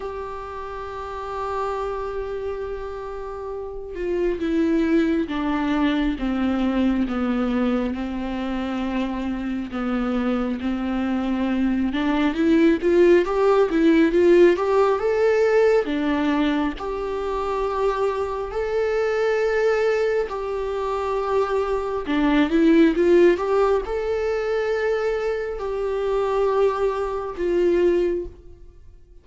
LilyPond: \new Staff \with { instrumentName = "viola" } { \time 4/4 \tempo 4 = 68 g'1~ | g'8 f'8 e'4 d'4 c'4 | b4 c'2 b4 | c'4. d'8 e'8 f'8 g'8 e'8 |
f'8 g'8 a'4 d'4 g'4~ | g'4 a'2 g'4~ | g'4 d'8 e'8 f'8 g'8 a'4~ | a'4 g'2 f'4 | }